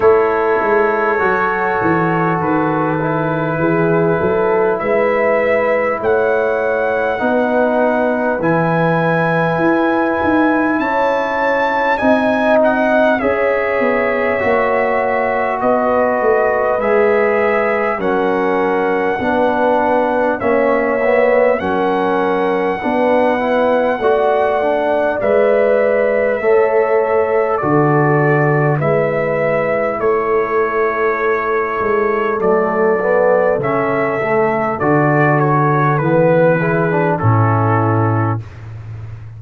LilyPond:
<<
  \new Staff \with { instrumentName = "trumpet" } { \time 4/4 \tempo 4 = 50 cis''2 b'2 | e''4 fis''2 gis''4~ | gis''4 a''4 gis''8 fis''8 e''4~ | e''4 dis''4 e''4 fis''4~ |
fis''4 e''4 fis''2~ | fis''4 e''2 d''4 | e''4 cis''2 d''4 | e''4 d''8 cis''8 b'4 a'4 | }
  \new Staff \with { instrumentName = "horn" } { \time 4/4 a'2. gis'8 a'8 | b'4 cis''4 b'2~ | b'4 cis''4 dis''4 cis''4~ | cis''4 b'2 ais'4 |
b'4 cis''4 ais'4 b'4 | d''2 cis''4 a'4 | b'4 a'2.~ | a'2~ a'8 gis'8 e'4 | }
  \new Staff \with { instrumentName = "trombone" } { \time 4/4 e'4 fis'4. e'4.~ | e'2 dis'4 e'4~ | e'2 dis'4 gis'4 | fis'2 gis'4 cis'4 |
d'4 cis'8 b8 cis'4 d'8 e'8 | fis'8 d'8 b'4 a'4 fis'4 | e'2. a8 b8 | cis'8 a8 fis'4 b8 e'16 d'16 cis'4 | }
  \new Staff \with { instrumentName = "tuba" } { \time 4/4 a8 gis8 fis8 e8 dis4 e8 fis8 | gis4 a4 b4 e4 | e'8 dis'8 cis'4 c'4 cis'8 b8 | ais4 b8 a8 gis4 fis4 |
b4 ais4 fis4 b4 | a4 gis4 a4 d4 | gis4 a4. gis8 fis4 | cis4 d4 e4 a,4 | }
>>